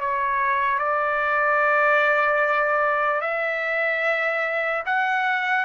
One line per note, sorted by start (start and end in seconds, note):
0.00 0.78 C#5
0.78 3.21 D5
3.21 4.83 E5
4.85 5.65 F#5